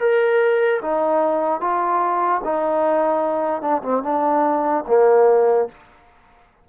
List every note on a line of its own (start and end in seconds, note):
0.00 0.81 A#4
0.82 1.61 D#4
1.61 2.42 F4
2.44 3.62 D#4
3.62 3.82 D4
3.83 4.04 C4
4.04 4.85 D4
4.88 5.69 A#3